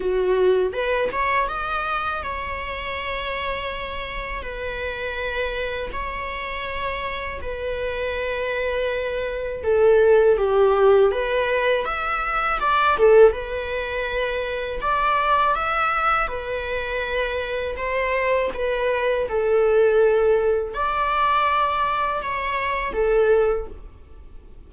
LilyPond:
\new Staff \with { instrumentName = "viola" } { \time 4/4 \tempo 4 = 81 fis'4 b'8 cis''8 dis''4 cis''4~ | cis''2 b'2 | cis''2 b'2~ | b'4 a'4 g'4 b'4 |
e''4 d''8 a'8 b'2 | d''4 e''4 b'2 | c''4 b'4 a'2 | d''2 cis''4 a'4 | }